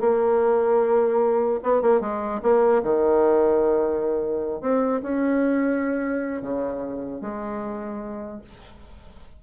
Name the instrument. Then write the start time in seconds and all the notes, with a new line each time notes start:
bassoon
0.00 A#3
1.63 B3
1.81 A#3
2.00 G#3
2.42 A#3
2.83 D#3
4.61 C4
5.02 C#4
6.41 C#3
7.21 G#3